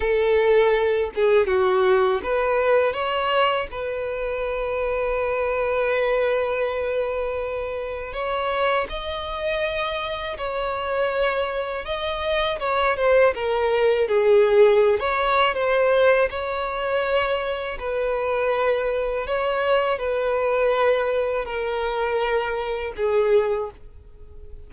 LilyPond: \new Staff \with { instrumentName = "violin" } { \time 4/4 \tempo 4 = 81 a'4. gis'8 fis'4 b'4 | cis''4 b'2.~ | b'2. cis''4 | dis''2 cis''2 |
dis''4 cis''8 c''8 ais'4 gis'4~ | gis'16 cis''8. c''4 cis''2 | b'2 cis''4 b'4~ | b'4 ais'2 gis'4 | }